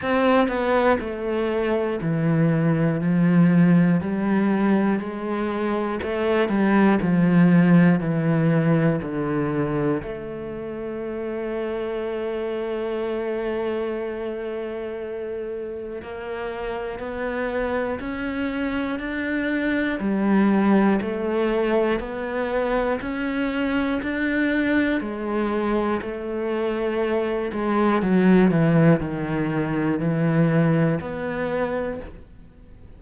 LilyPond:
\new Staff \with { instrumentName = "cello" } { \time 4/4 \tempo 4 = 60 c'8 b8 a4 e4 f4 | g4 gis4 a8 g8 f4 | e4 d4 a2~ | a1 |
ais4 b4 cis'4 d'4 | g4 a4 b4 cis'4 | d'4 gis4 a4. gis8 | fis8 e8 dis4 e4 b4 | }